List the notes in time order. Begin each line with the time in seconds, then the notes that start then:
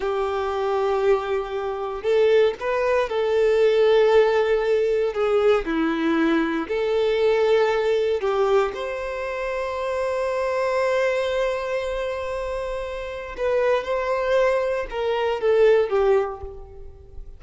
0.00 G4
2.03 A4
2.60 B4
3.09 A4
5.13 G#4
5.65 E4
6.67 A4
8.21 G4
8.74 C5
13.37 B4
13.83 C5
14.90 A#4
15.41 A4
15.89 G4